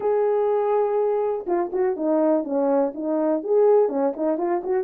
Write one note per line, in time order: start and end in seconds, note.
0.00 1.45 G#4
1.46 1.71 F4
1.72 1.96 F#4
1.96 2.44 D#4
2.44 2.92 C#4
2.94 3.43 D#4
3.43 3.88 G#4
3.88 4.13 C#4
4.16 4.37 D#4
4.37 4.62 F4
4.63 4.84 F#4